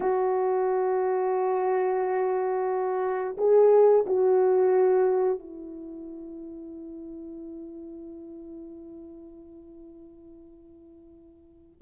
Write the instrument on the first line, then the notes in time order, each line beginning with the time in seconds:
horn
0.00 F#4
3.37 G#4
4.06 F#4
5.39 E4